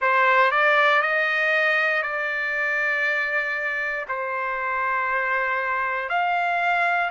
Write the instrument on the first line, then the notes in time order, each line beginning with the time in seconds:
trumpet
0.00 C5
0.51 D5
1.02 D#5
2.02 D5
4.08 C5
6.09 F5